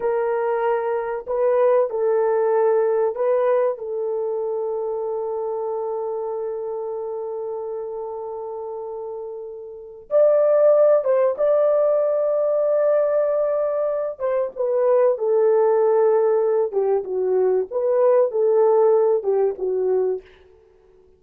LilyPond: \new Staff \with { instrumentName = "horn" } { \time 4/4 \tempo 4 = 95 ais'2 b'4 a'4~ | a'4 b'4 a'2~ | a'1~ | a'1 |
d''4. c''8 d''2~ | d''2~ d''8 c''8 b'4 | a'2~ a'8 g'8 fis'4 | b'4 a'4. g'8 fis'4 | }